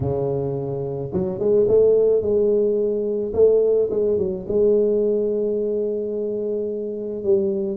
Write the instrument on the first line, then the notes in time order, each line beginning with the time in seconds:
tuba
0.00 C#3
1.12 F#3
1.39 G#3
1.68 A3
2.21 G#3
3.33 A3
3.90 G#3
4.18 F#3
4.47 G#3
7.23 G3